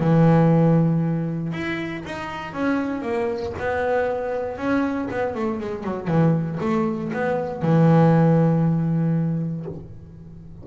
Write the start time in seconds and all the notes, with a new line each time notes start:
0.00 E3
1.53 E4
2.05 D#4
2.53 C#4
3.02 A#3
3.59 B3
4.58 C#4
5.11 B3
5.35 A3
5.60 G#3
5.84 F#3
6.08 E3
6.61 A3
7.13 B3
7.62 E3